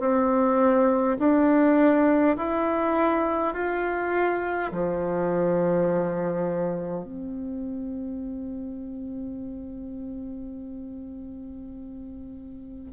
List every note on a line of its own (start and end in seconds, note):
0.00 1.18 C4
1.19 2.37 D4
2.37 3.54 E4
3.54 4.72 F4
4.72 7.04 F3
7.04 12.93 C4